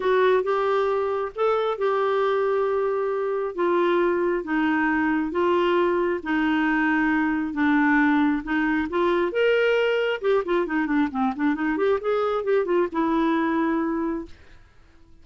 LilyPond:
\new Staff \with { instrumentName = "clarinet" } { \time 4/4 \tempo 4 = 135 fis'4 g'2 a'4 | g'1 | f'2 dis'2 | f'2 dis'2~ |
dis'4 d'2 dis'4 | f'4 ais'2 g'8 f'8 | dis'8 d'8 c'8 d'8 dis'8 g'8 gis'4 | g'8 f'8 e'2. | }